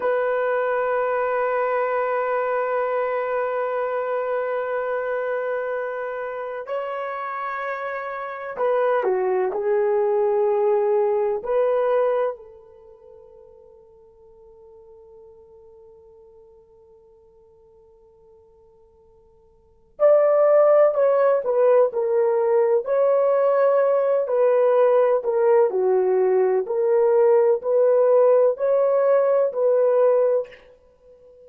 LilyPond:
\new Staff \with { instrumentName = "horn" } { \time 4/4 \tempo 4 = 63 b'1~ | b'2. cis''4~ | cis''4 b'8 fis'8 gis'2 | b'4 a'2.~ |
a'1~ | a'4 d''4 cis''8 b'8 ais'4 | cis''4. b'4 ais'8 fis'4 | ais'4 b'4 cis''4 b'4 | }